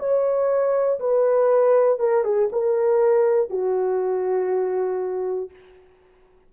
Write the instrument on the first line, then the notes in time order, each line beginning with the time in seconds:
horn
0.00 C#5
1.00 B4
2.00 A#4
2.25 G#4
2.53 A#4
3.50 F#4